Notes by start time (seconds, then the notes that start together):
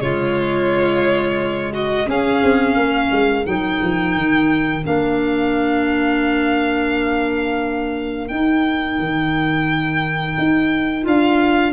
0.00 C#3 G#3 F4 C#5
1.72 F#4 D#5
2.06 C#4 G#4 F5
2.43 C4
2.76 A#3 A#4
3.11 G#3
3.45 F#3 D#4 G5
3.82 F3
4.16 D#3
4.83 A#3 D4 F5
8.27 D#4 G5
8.99 D#3
10.38 D#4
11.02 D4 F4 F5